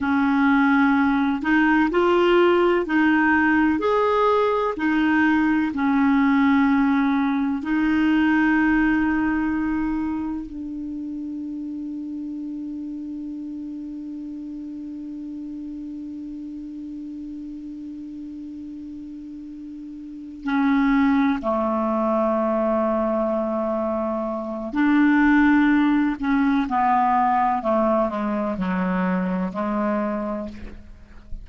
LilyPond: \new Staff \with { instrumentName = "clarinet" } { \time 4/4 \tempo 4 = 63 cis'4. dis'8 f'4 dis'4 | gis'4 dis'4 cis'2 | dis'2. d'4~ | d'1~ |
d'1~ | d'4. cis'4 a4.~ | a2 d'4. cis'8 | b4 a8 gis8 fis4 gis4 | }